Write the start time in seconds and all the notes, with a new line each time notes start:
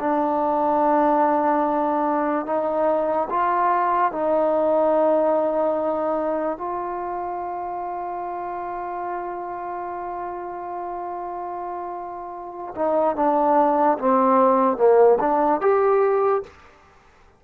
0.00 D4
2.46 D#4
3.30 F4
4.12 D#4
6.58 F4
12.76 D#4
13.16 D4
13.99 C4
14.77 A#3
15.20 D4
15.61 G4